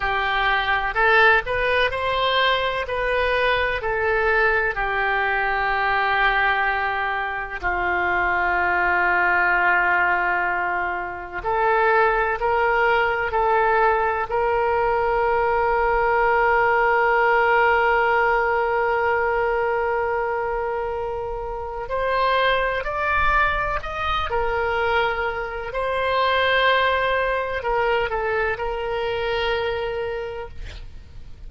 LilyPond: \new Staff \with { instrumentName = "oboe" } { \time 4/4 \tempo 4 = 63 g'4 a'8 b'8 c''4 b'4 | a'4 g'2. | f'1 | a'4 ais'4 a'4 ais'4~ |
ais'1~ | ais'2. c''4 | d''4 dis''8 ais'4. c''4~ | c''4 ais'8 a'8 ais'2 | }